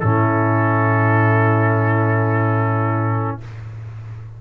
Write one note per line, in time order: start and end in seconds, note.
0.00 3.41 A2
0.00 3.41 C#4
0.00 3.39 E4
0.00 3.38 A4